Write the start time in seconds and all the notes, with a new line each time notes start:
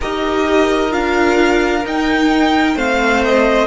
0.00 D#4 G4 A#4 D#5
0.90 D4 F4 F5
1.84 D#4 G5
2.75 A3 C4 C5 F5
3.24 D#5